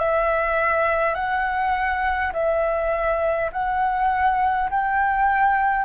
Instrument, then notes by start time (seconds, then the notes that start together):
flute
0.00 E5
1.15 F#5
2.34 E5
3.52 F#5
4.71 G5